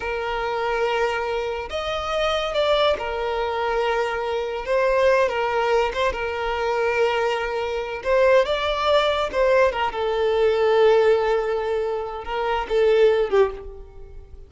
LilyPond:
\new Staff \with { instrumentName = "violin" } { \time 4/4 \tempo 4 = 142 ais'1 | dis''2 d''4 ais'4~ | ais'2. c''4~ | c''8 ais'4. c''8 ais'4.~ |
ais'2. c''4 | d''2 c''4 ais'8 a'8~ | a'1~ | a'4 ais'4 a'4. g'8 | }